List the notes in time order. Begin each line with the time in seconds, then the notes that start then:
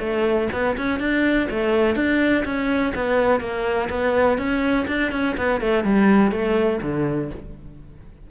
0.00 A3
0.53 B3
0.78 C#4
1.00 D4
1.51 A3
1.96 D4
2.45 C#4
2.95 B3
3.41 A#3
3.90 B3
4.38 C#4
4.88 D4
5.12 C#4
5.37 B3
5.61 A3
5.84 G3
6.32 A3
6.82 D3